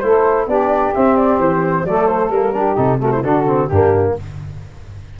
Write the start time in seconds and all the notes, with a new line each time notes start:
0.00 A3 E4 A4 C5
0.47 B3 D4 G4 D5
0.95 C4 E5
1.17 D5
1.39 E3 C5
1.85 F#3 A3 A4 D5
2.07 C5
2.30 G3 A#3 A#4
2.54 D4 G4
2.76 C3 D#4 A4
3.01 A3 F#4 A#4
3.12 E4 C5
3.23 D3 D4 F#4 A4
3.47 C4
3.69 G2 A#3 D4 G4